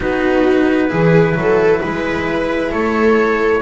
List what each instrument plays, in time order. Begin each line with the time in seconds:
0.00 double bass B3, cello D#4, viola F#4, trumpet B4
0.88 double bass E3, cello E4, viola G#4
1.35 double bass F#3, viola A4
1.81 double bass G#3, viola B4
2.71 double bass A3, viola A4, trumpet C#5